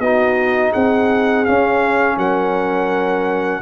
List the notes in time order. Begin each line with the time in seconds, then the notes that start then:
0.00 B3 D#4 F#4 D#5
0.72 C4 G#4 F#5
1.45 C#4 F5
2.17 F#3 A#4 F#5